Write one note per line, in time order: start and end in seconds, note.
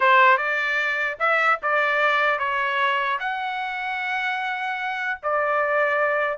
0.00 0.37 C5
0.37 1.17 D5
1.19 1.59 E5
1.62 2.39 D5
2.39 3.19 C#5
3.19 5.19 F#5
5.22 6.38 D5